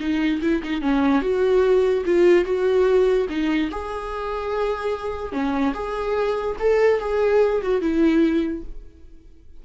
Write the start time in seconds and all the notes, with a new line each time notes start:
0.00 D#4
0.42 E4
0.63 D#4
0.82 C#4
1.22 F#4
2.06 F4
2.45 F#4
3.29 D#4
3.71 G#4
5.33 C#4
5.74 G#4
6.60 A4
7.00 G#4
7.62 F#4
7.81 E4